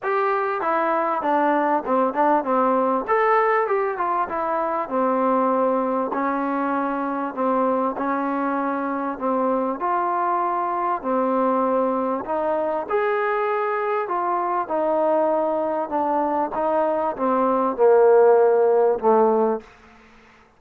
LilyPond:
\new Staff \with { instrumentName = "trombone" } { \time 4/4 \tempo 4 = 98 g'4 e'4 d'4 c'8 d'8 | c'4 a'4 g'8 f'8 e'4 | c'2 cis'2 | c'4 cis'2 c'4 |
f'2 c'2 | dis'4 gis'2 f'4 | dis'2 d'4 dis'4 | c'4 ais2 a4 | }